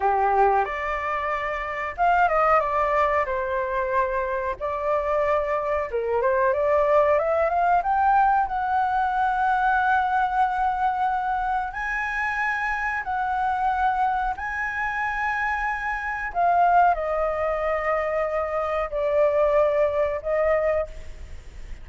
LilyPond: \new Staff \with { instrumentName = "flute" } { \time 4/4 \tempo 4 = 92 g'4 d''2 f''8 dis''8 | d''4 c''2 d''4~ | d''4 ais'8 c''8 d''4 e''8 f''8 | g''4 fis''2.~ |
fis''2 gis''2 | fis''2 gis''2~ | gis''4 f''4 dis''2~ | dis''4 d''2 dis''4 | }